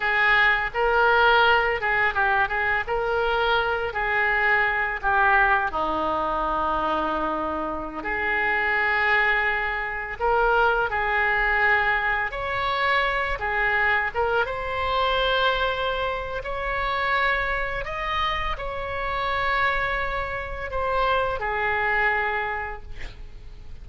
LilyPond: \new Staff \with { instrumentName = "oboe" } { \time 4/4 \tempo 4 = 84 gis'4 ais'4. gis'8 g'8 gis'8 | ais'4. gis'4. g'4 | dis'2.~ dis'16 gis'8.~ | gis'2~ gis'16 ais'4 gis'8.~ |
gis'4~ gis'16 cis''4. gis'4 ais'16~ | ais'16 c''2~ c''8. cis''4~ | cis''4 dis''4 cis''2~ | cis''4 c''4 gis'2 | }